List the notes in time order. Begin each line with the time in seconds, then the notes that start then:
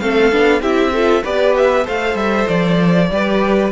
0.00 A3 C4 A4 F5
0.32 B3 D4
0.61 C4 E4 G4 E5
0.93 F4 A4
1.24 B3 G4 B4 D5
1.56 E5
1.84 A3 A4 C5 F5
2.15 G3 E5
2.48 F3 D5
3.11 G3 G4 B4